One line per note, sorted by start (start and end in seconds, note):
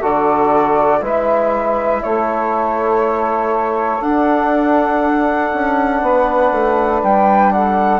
0.00 1.01 D3
0.00 1.01 F#4
0.00 1.00 A4
0.00 1.03 D5
1.01 2.01 G#3
1.01 4.01 E4
1.01 2.02 B4
1.01 2.03 E5
2.03 4.01 A3
2.03 6.03 A4
2.03 4.02 C#5
4.01 5.51 D4
4.01 8.00 D4
4.01 7.02 F#5
5.53 6.02 C#4
6.02 6.52 B3
6.02 7.53 B4
6.52 7.02 A3
7.02 8.00 G3
7.02 7.52 G5
7.52 8.00 A4
7.52 8.00 F#5